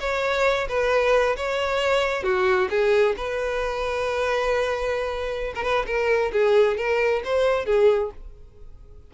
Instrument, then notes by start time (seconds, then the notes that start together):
violin
0.00 C#5
0.68 B4
1.36 C#5
2.23 F#4
2.70 G#4
3.17 B4
5.55 A#4
5.63 B4
5.86 A#4
6.33 G#4
6.77 A#4
7.24 C5
7.66 G#4